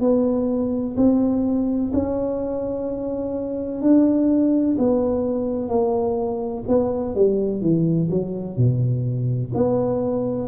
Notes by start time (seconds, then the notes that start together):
0.00 B3
0.96 C4
1.93 C#4
3.81 D4
4.78 B3
5.68 A#3
6.68 B3
7.14 G3
7.61 E3
8.10 F#3
8.57 B2
9.54 B3